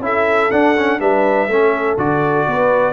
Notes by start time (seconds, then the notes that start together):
0.00 C#4 E4 A4 E5
0.51 D4 F#5
0.77 C#4
1.00 G3 D4 B4 E5
1.48 A3 C#4 A4
1.97 D3 F#4 D5
2.47 B3 B4